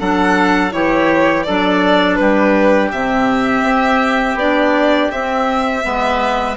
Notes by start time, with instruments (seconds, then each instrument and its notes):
0.00 bassoon F#3, clarinet D4, oboe A4, violin F#5
0.71 bassoon E3, clarinet E4, oboe G4, violin C#5
1.43 bassoon F#3, clarinet D4, oboe A4, violin D5
2.15 bassoon G3, oboe G4, violin B4
2.92 bassoon C3, clarinet C4, violin E5
3.62 bassoon C4
4.34 bassoon B3, clarinet D4, violin D5
5.11 bassoon C4, clarinet C4, violin E5
5.82 bassoon G#3, clarinet B3, oboe B4